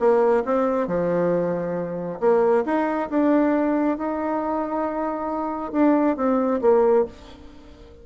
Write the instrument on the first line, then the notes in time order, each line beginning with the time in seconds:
bassoon
0.00 A#3
0.45 C4
0.88 F3
2.21 A#3
2.66 D#4
3.10 D4
3.98 D#4
5.73 D4
6.17 C4
6.62 A#3